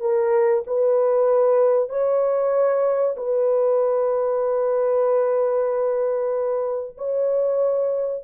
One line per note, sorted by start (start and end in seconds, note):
0.00 0.63 A#4
0.67 1.89 B4
1.89 3.16 C#5
3.17 6.96 B4
6.97 8.24 C#5